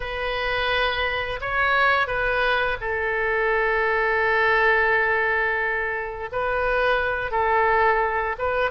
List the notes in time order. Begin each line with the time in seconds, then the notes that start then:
0.00 B4
1.40 C#5
2.07 B4
2.81 A4
6.31 B4
7.31 A4
8.38 B4